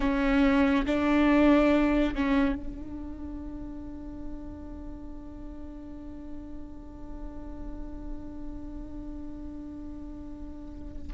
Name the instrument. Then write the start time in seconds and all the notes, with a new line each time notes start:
viola
0.00 C#4
0.86 D4
2.14 C#4
2.55 D4